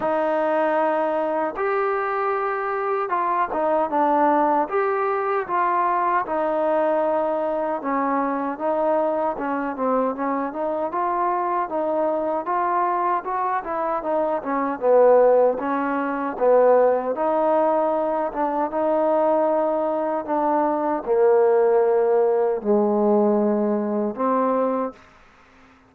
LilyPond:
\new Staff \with { instrumentName = "trombone" } { \time 4/4 \tempo 4 = 77 dis'2 g'2 | f'8 dis'8 d'4 g'4 f'4 | dis'2 cis'4 dis'4 | cis'8 c'8 cis'8 dis'8 f'4 dis'4 |
f'4 fis'8 e'8 dis'8 cis'8 b4 | cis'4 b4 dis'4. d'8 | dis'2 d'4 ais4~ | ais4 gis2 c'4 | }